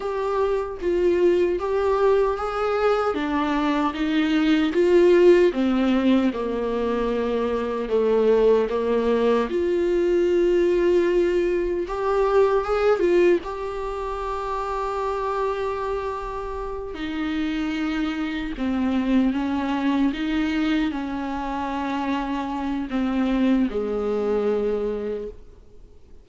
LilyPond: \new Staff \with { instrumentName = "viola" } { \time 4/4 \tempo 4 = 76 g'4 f'4 g'4 gis'4 | d'4 dis'4 f'4 c'4 | ais2 a4 ais4 | f'2. g'4 |
gis'8 f'8 g'2.~ | g'4. dis'2 c'8~ | c'8 cis'4 dis'4 cis'4.~ | cis'4 c'4 gis2 | }